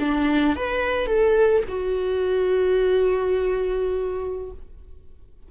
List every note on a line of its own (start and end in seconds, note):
0.00 0.56 D4
0.56 1.07 B4
1.07 1.63 A4
1.69 4.52 F#4